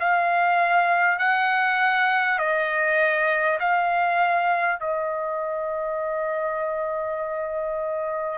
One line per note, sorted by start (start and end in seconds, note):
0.00 1.18 F5
1.18 2.38 F#5
2.38 3.58 D#5
3.59 4.79 F5
4.80 8.38 D#5